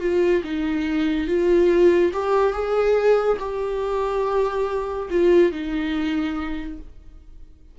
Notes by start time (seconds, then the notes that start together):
0.00 F4
0.43 D#4
1.27 F4
2.12 G4
2.52 G#4
3.39 G4
5.10 F4
5.51 D#4